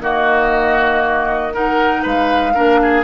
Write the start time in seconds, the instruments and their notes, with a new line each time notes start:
0.00 bassoon D#3, clarinet A#3, oboe F#4, flute D#5
1.53 clarinet D#4, oboe A#4, flute F#5
2.03 bassoon G#3, oboe B4, flute F5
2.54 bassoon A#3, clarinet D4, oboe A#4
2.82 oboe G#4